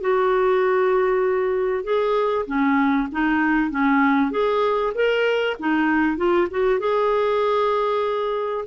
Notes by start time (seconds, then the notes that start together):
0.00 F#4
1.83 G#4
2.46 C#4
3.12 D#4
3.70 C#4
4.31 G#4
4.94 A#4
5.59 D#4
6.17 F4
6.50 F#4
6.79 G#4